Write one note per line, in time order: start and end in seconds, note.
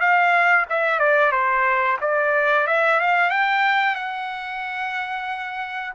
0.00 0.66 F5
0.70 0.99 E5
0.99 1.32 D5
1.32 1.98 C5
2.01 2.67 D5
2.67 3.00 E5
3.00 3.30 F5
3.30 3.96 G5
3.96 5.93 F#5